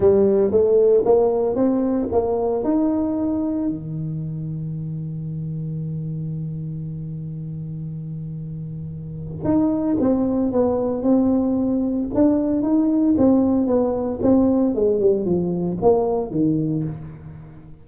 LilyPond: \new Staff \with { instrumentName = "tuba" } { \time 4/4 \tempo 4 = 114 g4 a4 ais4 c'4 | ais4 dis'2 dis4~ | dis1~ | dis1~ |
dis2 dis'4 c'4 | b4 c'2 d'4 | dis'4 c'4 b4 c'4 | gis8 g8 f4 ais4 dis4 | }